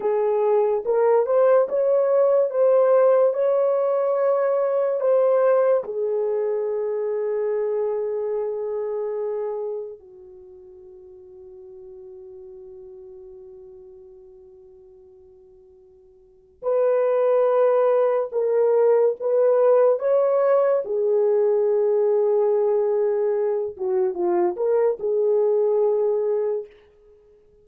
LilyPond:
\new Staff \with { instrumentName = "horn" } { \time 4/4 \tempo 4 = 72 gis'4 ais'8 c''8 cis''4 c''4 | cis''2 c''4 gis'4~ | gis'1 | fis'1~ |
fis'1 | b'2 ais'4 b'4 | cis''4 gis'2.~ | gis'8 fis'8 f'8 ais'8 gis'2 | }